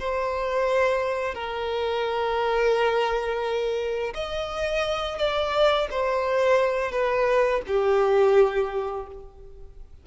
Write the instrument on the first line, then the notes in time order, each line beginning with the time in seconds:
violin
0.00 C5
1.35 A#4
4.15 D#5
5.19 D5
5.91 C5
6.92 B4
7.68 G4